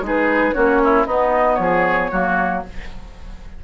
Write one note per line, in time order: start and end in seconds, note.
0.00 0.52 G#3
0.00 0.53 D#4
0.00 0.54 G#4
0.07 0.53 B4
0.53 1.06 A#3
0.53 1.05 C#4
0.53 0.81 F#4
0.53 1.05 C#5
0.84 1.06 E4
1.06 1.58 B3
1.06 2.11 B3
1.06 1.58 D#4
1.06 1.55 D#5
1.55 2.11 F3
1.55 2.59 C#5
1.62 2.11 G#4
2.11 2.64 F#3
2.11 2.63 A#3
2.11 2.63 F#4